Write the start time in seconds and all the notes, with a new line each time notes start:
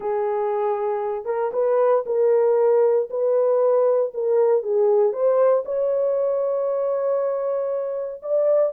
0.00 G#4
1.25 A#4
1.52 B4
2.06 A#4
3.10 B4
4.14 A#4
4.62 G#4
5.12 C5
5.65 C#5
8.22 D5